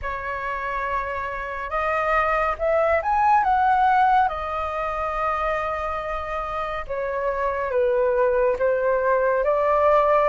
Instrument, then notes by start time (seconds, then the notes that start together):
flute
0.02 C#5
1.69 D#5
2.58 E5
3.02 G#5
3.43 F#5
4.28 D#5
6.87 C#5
7.70 B4
8.59 C5
9.44 D5